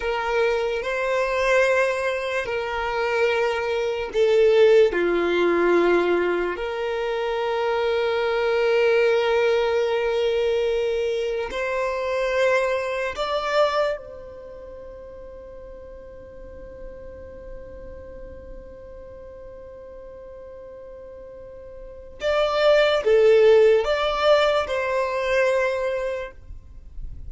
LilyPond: \new Staff \with { instrumentName = "violin" } { \time 4/4 \tempo 4 = 73 ais'4 c''2 ais'4~ | ais'4 a'4 f'2 | ais'1~ | ais'2 c''2 |
d''4 c''2.~ | c''1~ | c''2. d''4 | a'4 d''4 c''2 | }